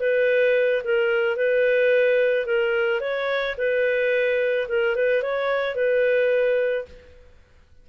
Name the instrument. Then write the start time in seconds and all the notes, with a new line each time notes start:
clarinet
0.00 B4
0.84 A#4
1.37 B4
2.46 A#4
3.01 C#5
3.58 B4
4.69 A#4
4.96 B4
5.22 C#5
5.75 B4